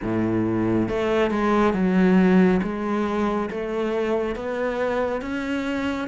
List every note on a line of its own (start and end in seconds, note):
0.02 0.88 A2
0.88 1.30 A3
1.30 1.74 G#3
1.74 2.60 F#3
2.62 3.49 G#3
3.50 4.35 A3
4.35 5.21 B3
5.21 6.08 C#4